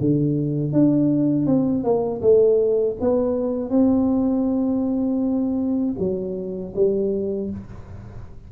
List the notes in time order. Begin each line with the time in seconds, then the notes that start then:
0.00 D3
0.73 D4
1.46 C4
1.83 A#3
2.21 A3
3.00 B3
3.70 C4
5.99 F#3
6.75 G3